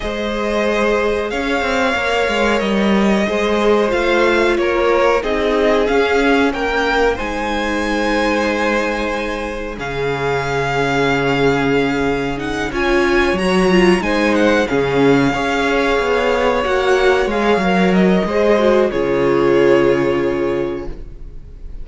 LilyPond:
<<
  \new Staff \with { instrumentName = "violin" } { \time 4/4 \tempo 4 = 92 dis''2 f''2 | dis''2 f''4 cis''4 | dis''4 f''4 g''4 gis''4~ | gis''2. f''4~ |
f''2. fis''8 gis''8~ | gis''8 ais''4 gis''8 fis''8 f''4.~ | f''4. fis''4 f''4 dis''8~ | dis''4 cis''2. | }
  \new Staff \with { instrumentName = "violin" } { \time 4/4 c''2 cis''2~ | cis''4 c''2 ais'4 | gis'2 ais'4 c''4~ | c''2. gis'4~ |
gis'2.~ gis'8 cis''8~ | cis''4. c''4 gis'4 cis''8~ | cis''1 | c''4 gis'2. | }
  \new Staff \with { instrumentName = "viola" } { \time 4/4 gis'2. ais'4~ | ais'4 gis'4 f'2 | dis'4 cis'2 dis'4~ | dis'2. cis'4~ |
cis'2. dis'8 f'8~ | f'8 fis'8 f'8 dis'4 cis'4 gis'8~ | gis'4. fis'4 gis'8 ais'4 | gis'8 fis'8 f'2. | }
  \new Staff \with { instrumentName = "cello" } { \time 4/4 gis2 cis'8 c'8 ais8 gis8 | g4 gis4 a4 ais4 | c'4 cis'4 ais4 gis4~ | gis2. cis4~ |
cis2.~ cis8 cis'8~ | cis'8 fis4 gis4 cis4 cis'8~ | cis'8 b4 ais4 gis8 fis4 | gis4 cis2. | }
>>